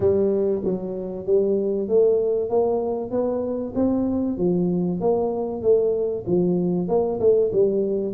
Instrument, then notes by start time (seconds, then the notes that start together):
tuba
0.00 G3
0.64 F#3
1.26 G3
1.88 A3
2.49 A#3
3.11 B3
3.75 C4
4.38 F3
5.00 A#3
5.62 A3
6.26 F3
6.88 A#3
7.20 A3
7.52 G3